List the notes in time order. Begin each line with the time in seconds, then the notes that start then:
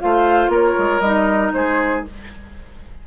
0.00 A3 F4 C5 F5
0.48 A#3 A#4 C#5
0.78 G#3
1.00 G3 D#4 D#5
1.53 G#3 G#4 C5